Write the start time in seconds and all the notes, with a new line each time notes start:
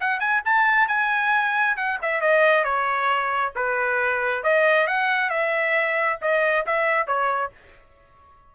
0.00 F#5
0.19 G#5
0.45 A5
0.87 G#5
1.76 F#5
2.01 E5
2.21 D#5
2.64 C#5
3.55 B4
4.43 D#5
4.87 F#5
5.30 E5
6.21 D#5
6.66 E5
7.07 C#5